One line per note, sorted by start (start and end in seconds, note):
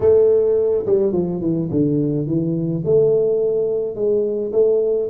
0.00 0.85 A3
0.85 1.12 G3
1.12 1.40 F3
1.40 1.69 E3
1.70 2.26 D3
2.26 2.83 E3
2.85 3.95 A3
3.95 4.51 G#3
4.52 5.09 A3